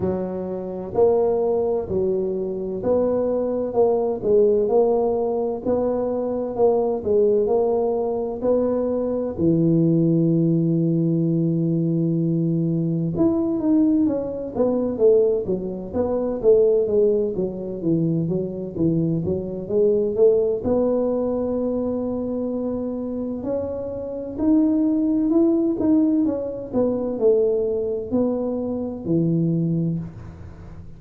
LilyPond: \new Staff \with { instrumentName = "tuba" } { \time 4/4 \tempo 4 = 64 fis4 ais4 fis4 b4 | ais8 gis8 ais4 b4 ais8 gis8 | ais4 b4 e2~ | e2 e'8 dis'8 cis'8 b8 |
a8 fis8 b8 a8 gis8 fis8 e8 fis8 | e8 fis8 gis8 a8 b2~ | b4 cis'4 dis'4 e'8 dis'8 | cis'8 b8 a4 b4 e4 | }